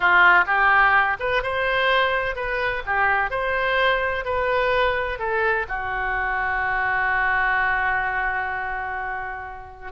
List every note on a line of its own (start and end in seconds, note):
0.00 0.45 F4
0.46 1.17 G4
1.19 1.42 B4
1.42 2.35 C5
2.35 2.83 B4
2.85 3.30 G4
3.30 4.25 C5
4.25 5.18 B4
5.18 5.66 A4
5.68 9.92 F#4